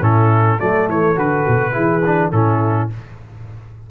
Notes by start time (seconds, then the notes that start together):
0.00 A2 C#4 E4 A4
0.59 F#3 A3 A4 D5
0.88 E3 C#5
1.16 D3 F#4 B4
1.48 B2
1.72 E3 E4 G#4
2.05 D4
2.32 A2 C#4 E4 A4